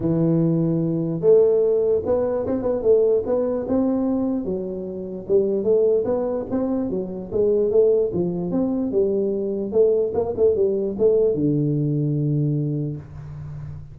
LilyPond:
\new Staff \with { instrumentName = "tuba" } { \time 4/4 \tempo 4 = 148 e2. a4~ | a4 b4 c'8 b8 a4 | b4 c'2 fis4~ | fis4 g4 a4 b4 |
c'4 fis4 gis4 a4 | f4 c'4 g2 | a4 ais8 a8 g4 a4 | d1 | }